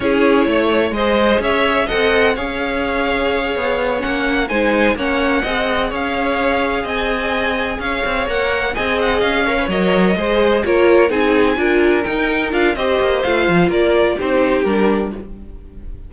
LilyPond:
<<
  \new Staff \with { instrumentName = "violin" } { \time 4/4 \tempo 4 = 127 cis''2 dis''4 e''4 | fis''4 f''2.~ | f''8 fis''4 gis''4 fis''4.~ | fis''8 f''2 gis''4.~ |
gis''8 f''4 fis''4 gis''8 fis''8 f''8~ | f''8 dis''2 cis''4 gis''8~ | gis''4. g''4 f''8 dis''4 | f''4 d''4 c''4 ais'4 | }
  \new Staff \with { instrumentName = "violin" } { \time 4/4 gis'4 cis''4 c''4 cis''4 | dis''4 cis''2.~ | cis''4. c''4 cis''4 dis''8~ | dis''8 cis''2 dis''4.~ |
dis''8 cis''2 dis''4. | cis''4. c''4 ais'4 gis'8~ | gis'8 ais'2~ ais'8 c''4~ | c''4 ais'4 g'2 | }
  \new Staff \with { instrumentName = "viola" } { \time 4/4 e'2 gis'2 | a'4 gis'2.~ | gis'8 cis'4 dis'4 cis'4 gis'8~ | gis'1~ |
gis'4. ais'4 gis'4. | ais'16 b'16 ais'4 gis'4 f'4 dis'8~ | dis'8 f'4 dis'4 f'8 g'4 | f'2 dis'4 d'4 | }
  \new Staff \with { instrumentName = "cello" } { \time 4/4 cis'4 a4 gis4 cis'4 | c'4 cis'2~ cis'8 b8~ | b8 ais4 gis4 ais4 c'8~ | c'8 cis'2 c'4.~ |
c'8 cis'8 c'8 ais4 c'4 cis'8~ | cis'8 fis4 gis4 ais4 c'8~ | c'8 d'4 dis'4 d'8 c'8 ais8 | a8 f8 ais4 c'4 g4 | }
>>